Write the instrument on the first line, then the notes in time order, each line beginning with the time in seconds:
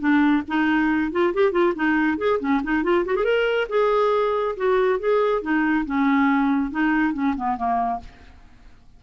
clarinet
0.00 D4
0.48 D#4
1.12 F4
1.34 G4
1.52 F4
1.76 D#4
2.18 G#4
2.40 C#4
2.64 D#4
2.84 F4
3.06 F#4
3.16 G#4
3.25 A#4
3.69 G#4
4.57 F#4
5.00 G#4
5.42 D#4
5.86 C#4
6.72 D#4
7.14 C#4
7.37 B3
7.57 A#3